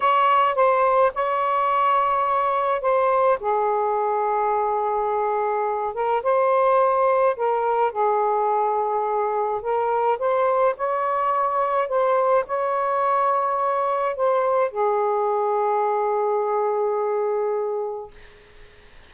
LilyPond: \new Staff \with { instrumentName = "saxophone" } { \time 4/4 \tempo 4 = 106 cis''4 c''4 cis''2~ | cis''4 c''4 gis'2~ | gis'2~ gis'8 ais'8 c''4~ | c''4 ais'4 gis'2~ |
gis'4 ais'4 c''4 cis''4~ | cis''4 c''4 cis''2~ | cis''4 c''4 gis'2~ | gis'1 | }